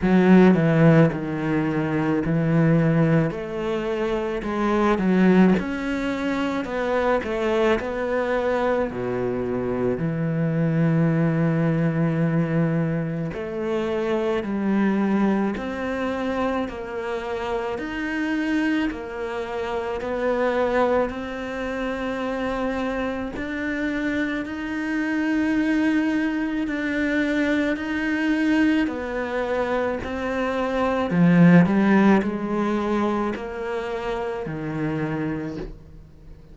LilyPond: \new Staff \with { instrumentName = "cello" } { \time 4/4 \tempo 4 = 54 fis8 e8 dis4 e4 a4 | gis8 fis8 cis'4 b8 a8 b4 | b,4 e2. | a4 g4 c'4 ais4 |
dis'4 ais4 b4 c'4~ | c'4 d'4 dis'2 | d'4 dis'4 b4 c'4 | f8 g8 gis4 ais4 dis4 | }